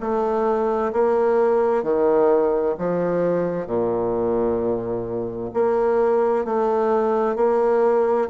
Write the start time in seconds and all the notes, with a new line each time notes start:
0.00 A3
0.93 A#3
1.83 D#3
2.78 F3
3.66 A#2
5.54 A#3
6.45 A3
7.36 A#3